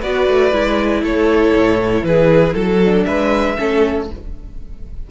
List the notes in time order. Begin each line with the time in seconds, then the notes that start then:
0.00 B3 F#4 B4 D5
0.28 A3
0.53 G#3 E4
1.02 A3 A4 C#5
1.55 A2
2.03 E3 G#4 B4
2.54 F#3 A4
2.85 D4
3.04 G#3 B4 E5
3.57 A3 C#4 A4